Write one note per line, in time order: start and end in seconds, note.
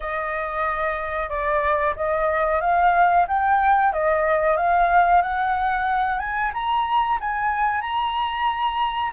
0.00 1.29 D#5
1.29 1.94 D5
1.96 2.61 D#5
2.61 3.26 F5
3.27 3.92 G5
3.92 4.57 D#5
4.57 5.21 F5
5.21 6.19 F#5
6.19 6.51 G#5
6.53 7.18 A#5
7.20 7.81 G#5
7.81 9.11 A#5